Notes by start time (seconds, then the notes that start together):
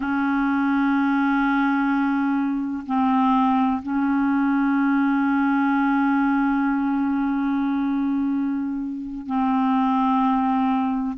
0.00 C#4
2.86 C4
3.82 C#4
9.26 C4